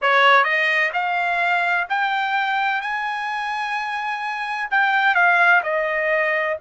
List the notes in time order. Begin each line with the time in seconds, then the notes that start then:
0.01 C#5
0.44 D#5
0.93 F5
1.89 G5
2.81 G#5
4.70 G5
5.14 F5
5.62 D#5